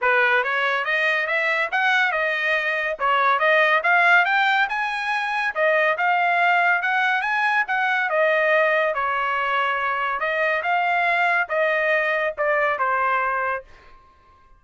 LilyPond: \new Staff \with { instrumentName = "trumpet" } { \time 4/4 \tempo 4 = 141 b'4 cis''4 dis''4 e''4 | fis''4 dis''2 cis''4 | dis''4 f''4 g''4 gis''4~ | gis''4 dis''4 f''2 |
fis''4 gis''4 fis''4 dis''4~ | dis''4 cis''2. | dis''4 f''2 dis''4~ | dis''4 d''4 c''2 | }